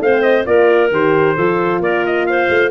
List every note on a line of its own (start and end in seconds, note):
0.00 0.45 A3
0.00 0.45 C4
0.00 0.47 C5
0.00 0.22 F5
0.22 0.44 D#5
0.45 0.91 A#3
0.45 0.90 F4
0.45 1.35 A#4
0.45 0.91 D5
0.91 1.36 D#3
0.91 1.37 G4
0.91 1.82 C5
1.35 1.80 F3
1.35 2.71 F4
1.35 1.81 A4
1.80 2.48 A#3
1.80 2.27 A#4
1.80 2.05 D5
2.06 2.26 D#5
2.26 2.71 C5
2.26 2.71 F5
2.49 2.71 A3